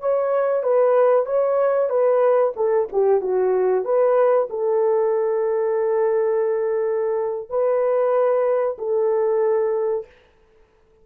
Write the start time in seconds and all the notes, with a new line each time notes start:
0.00 C#5
0.63 B4
1.26 C#5
1.89 B4
2.56 A4
2.92 G4
3.21 F#4
3.84 B4
4.49 A4
7.49 B4
8.78 A4